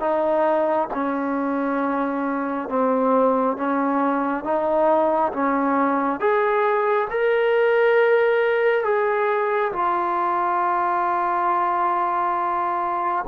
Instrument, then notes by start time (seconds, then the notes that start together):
trombone
0.00 D#4
0.93 C#4
2.69 C4
3.57 C#4
4.44 D#4
5.33 C#4
6.20 G#4
7.11 A#4
8.84 G#4
9.73 F4